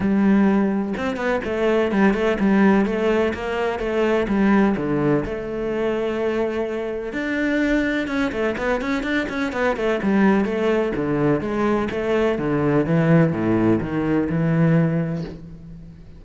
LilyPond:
\new Staff \with { instrumentName = "cello" } { \time 4/4 \tempo 4 = 126 g2 c'8 b8 a4 | g8 a8 g4 a4 ais4 | a4 g4 d4 a4~ | a2. d'4~ |
d'4 cis'8 a8 b8 cis'8 d'8 cis'8 | b8 a8 g4 a4 d4 | gis4 a4 d4 e4 | a,4 dis4 e2 | }